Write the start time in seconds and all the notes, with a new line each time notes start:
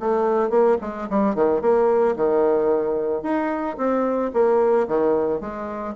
0.00 A3
0.50 A#3
0.81 G#3
1.10 G3
1.35 D#3
1.62 A#3
2.16 D#3
3.23 D#4
3.78 C4
4.33 A#3
4.88 D#3
5.41 G#3